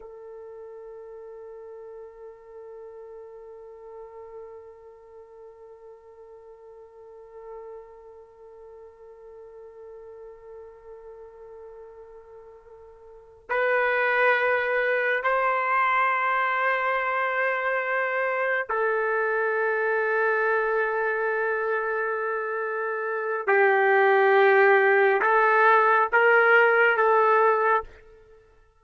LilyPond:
\new Staff \with { instrumentName = "trumpet" } { \time 4/4 \tempo 4 = 69 a'1~ | a'1~ | a'1~ | a'2.~ a'8 b'8~ |
b'4. c''2~ c''8~ | c''4. a'2~ a'8~ | a'2. g'4~ | g'4 a'4 ais'4 a'4 | }